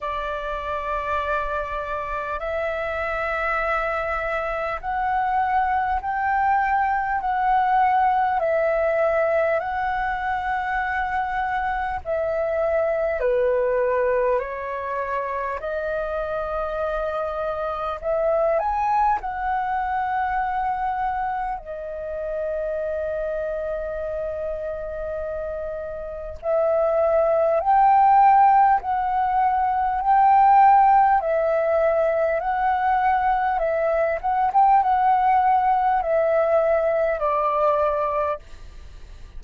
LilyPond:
\new Staff \with { instrumentName = "flute" } { \time 4/4 \tempo 4 = 50 d''2 e''2 | fis''4 g''4 fis''4 e''4 | fis''2 e''4 b'4 | cis''4 dis''2 e''8 gis''8 |
fis''2 dis''2~ | dis''2 e''4 g''4 | fis''4 g''4 e''4 fis''4 | e''8 fis''16 g''16 fis''4 e''4 d''4 | }